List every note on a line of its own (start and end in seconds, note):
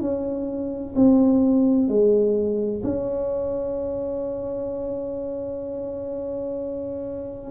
0.00 0.94 C#4
0.95 1.88 C4
1.88 2.82 G#3
2.83 7.50 C#4